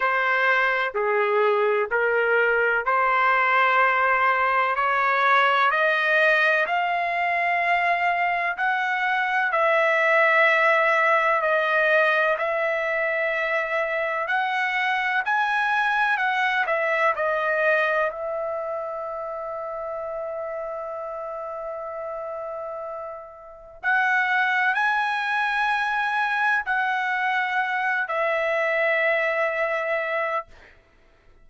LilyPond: \new Staff \with { instrumentName = "trumpet" } { \time 4/4 \tempo 4 = 63 c''4 gis'4 ais'4 c''4~ | c''4 cis''4 dis''4 f''4~ | f''4 fis''4 e''2 | dis''4 e''2 fis''4 |
gis''4 fis''8 e''8 dis''4 e''4~ | e''1~ | e''4 fis''4 gis''2 | fis''4. e''2~ e''8 | }